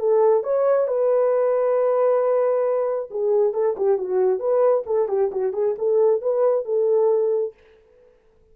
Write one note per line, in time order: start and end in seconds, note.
0.00 0.44 A4
0.44 0.88 C#5
0.88 3.10 B4
3.11 3.54 G#4
3.54 3.76 A4
3.77 3.99 G4
3.99 4.40 F#4
4.40 4.84 B4
4.87 5.09 A4
5.09 5.31 G4
5.32 5.54 F#4
5.54 5.76 G#4
5.79 6.22 A4
6.22 6.65 B4
6.65 7.54 A4